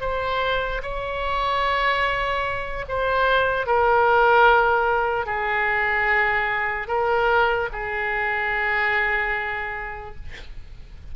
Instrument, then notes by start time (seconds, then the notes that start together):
oboe
0.00 C5
0.82 C#5
2.88 C5
3.66 A#4
5.26 G#4
6.87 A#4
7.72 G#4